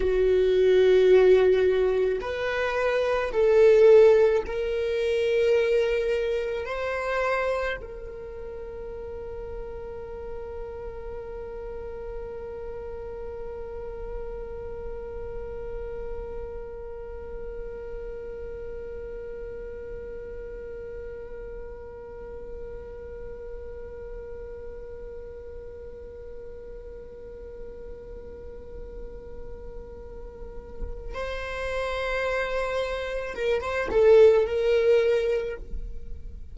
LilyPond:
\new Staff \with { instrumentName = "viola" } { \time 4/4 \tempo 4 = 54 fis'2 b'4 a'4 | ais'2 c''4 ais'4~ | ais'1~ | ais'1~ |
ais'1~ | ais'1~ | ais'1 | c''2 ais'16 c''16 a'8 ais'4 | }